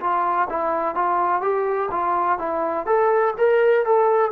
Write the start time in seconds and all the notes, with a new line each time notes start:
0.00 F4
0.50 E4
0.95 F4
1.41 G4
1.91 F4
2.39 E4
2.86 A4
3.38 A#4
3.86 A4